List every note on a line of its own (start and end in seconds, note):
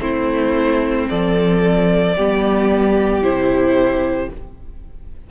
0.00 1.07 A3
0.00 2.15 C4
0.00 1.09 E4
0.00 1.08 C5
1.10 2.18 F3
1.10 2.17 A4
1.10 3.23 D5
2.17 3.21 G3
2.17 3.24 B3
2.17 4.31 G4
3.21 4.28 C3
3.21 4.31 E4
3.21 4.31 C5